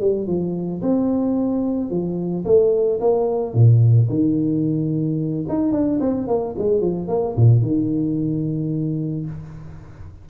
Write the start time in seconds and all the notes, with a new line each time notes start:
0.00 G3
0.27 F3
0.82 C4
1.90 F3
2.45 A3
3.00 A#3
3.54 A#2
4.09 D#3
5.49 D#4
5.72 D4
6.00 C4
6.28 A#3
6.58 G#3
6.80 F3
7.08 A#3
7.36 A#2
7.62 D#3